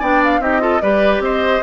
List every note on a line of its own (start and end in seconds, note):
0.00 0.39 B3
0.00 0.40 D4
0.00 0.40 D5
0.00 0.23 G5
0.24 0.42 F5
0.39 0.79 C4
0.39 0.60 D#4
0.39 0.62 G4
0.39 0.82 D#5
0.60 0.80 F4
0.60 0.82 A4
0.82 1.20 G3
0.82 1.63 G4
0.82 1.23 B4
0.82 1.22 D5
1.20 1.60 C4
1.20 1.63 C5
1.20 1.63 D#5